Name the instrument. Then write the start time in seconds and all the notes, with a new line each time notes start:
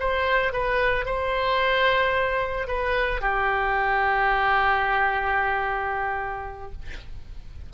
oboe
0.00 C5
0.53 B4
1.06 C5
2.68 B4
3.21 G4